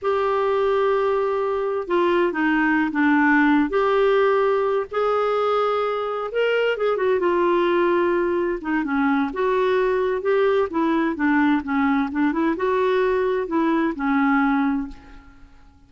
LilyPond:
\new Staff \with { instrumentName = "clarinet" } { \time 4/4 \tempo 4 = 129 g'1 | f'4 dis'4~ dis'16 d'4.~ d'16 | g'2~ g'8 gis'4.~ | gis'4. ais'4 gis'8 fis'8 f'8~ |
f'2~ f'8 dis'8 cis'4 | fis'2 g'4 e'4 | d'4 cis'4 d'8 e'8 fis'4~ | fis'4 e'4 cis'2 | }